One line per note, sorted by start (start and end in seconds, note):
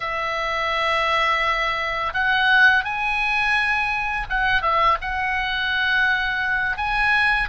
0.00 2.13 E5
2.13 2.84 F#5
2.84 4.27 G#5
4.29 4.61 F#5
4.61 4.97 E5
5.01 6.77 F#5
6.77 7.48 G#5